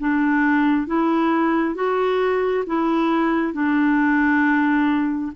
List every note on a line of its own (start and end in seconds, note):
0.00 0.87 D4
0.87 1.75 E4
1.75 2.65 F#4
2.67 3.54 E4
3.54 5.33 D4